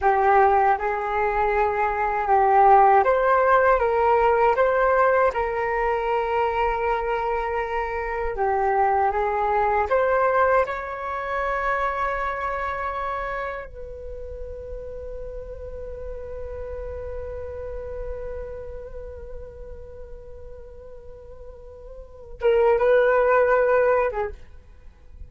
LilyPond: \new Staff \with { instrumentName = "flute" } { \time 4/4 \tempo 4 = 79 g'4 gis'2 g'4 | c''4 ais'4 c''4 ais'4~ | ais'2. g'4 | gis'4 c''4 cis''2~ |
cis''2 b'2~ | b'1~ | b'1~ | b'4. ais'8 b'4.~ b'16 gis'16 | }